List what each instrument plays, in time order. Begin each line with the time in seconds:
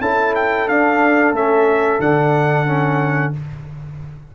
0.00 tuba C#4, trombone E4, horn A4, trumpet A5
0.35 trumpet G5
0.67 tuba D4, trombone D4, trumpet F5
1.32 tuba A3, trombone C#4, trumpet E5
1.99 tuba D3, trombone D4, trumpet F#5
2.66 trombone C#4